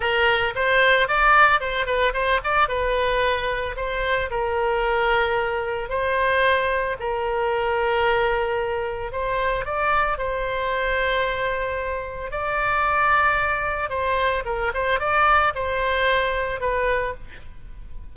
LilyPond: \new Staff \with { instrumentName = "oboe" } { \time 4/4 \tempo 4 = 112 ais'4 c''4 d''4 c''8 b'8 | c''8 d''8 b'2 c''4 | ais'2. c''4~ | c''4 ais'2.~ |
ais'4 c''4 d''4 c''4~ | c''2. d''4~ | d''2 c''4 ais'8 c''8 | d''4 c''2 b'4 | }